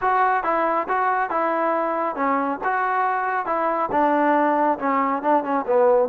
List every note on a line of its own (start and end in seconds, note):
0.01 0.43 F#4
0.43 0.87 E4
0.88 1.30 F#4
1.30 2.15 E4
2.15 2.59 C#4
2.64 3.46 F#4
3.46 3.89 E4
3.91 4.78 D4
4.78 5.22 C#4
5.22 5.43 D4
5.43 5.65 C#4
5.66 6.08 B3